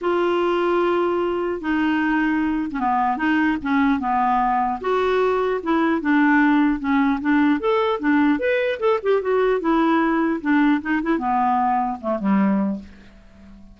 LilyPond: \new Staff \with { instrumentName = "clarinet" } { \time 4/4 \tempo 4 = 150 f'1 | dis'2~ dis'8. cis'16 b4 | dis'4 cis'4 b2 | fis'2 e'4 d'4~ |
d'4 cis'4 d'4 a'4 | d'4 b'4 a'8 g'8 fis'4 | e'2 d'4 dis'8 e'8 | b2 a8 g4. | }